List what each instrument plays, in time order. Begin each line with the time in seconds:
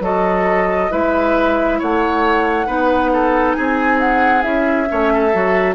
0.00 bassoon F#3, clarinet F#4, oboe A4, flute D#5
0.90 bassoon G#3, clarinet E4, oboe B4, flute E5
1.79 bassoon A3, oboe C#5, flute F#5
2.66 bassoon B3, clarinet D#4, oboe B4
3.13 oboe A4
3.53 bassoon C4, oboe G#4, flute G#5
4.00 flute F#5
4.42 bassoon C#4, clarinet E4, flute E5
4.87 bassoon A3, clarinet C#4, oboe C#5
5.13 oboe A4
5.33 bassoon F#3, clarinet F#4